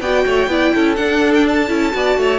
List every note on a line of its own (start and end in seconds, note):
0.00 0.24 B3
0.00 0.49 F#4
0.00 0.24 D5
0.00 0.95 G5
0.25 0.47 A3
0.25 0.49 C#5
0.47 0.71 B3
0.47 0.96 E4
0.47 0.74 D5
0.74 0.98 C#4
0.74 1.95 A4
0.95 1.68 D4
0.95 1.69 D4
0.95 1.32 F#5
1.34 1.46 G5
1.48 2.39 A5
1.68 1.93 C#4
1.68 1.91 E4
1.91 2.17 B3
1.91 2.39 F#4
1.91 2.19 D5
2.17 2.39 A3
2.17 2.39 C#5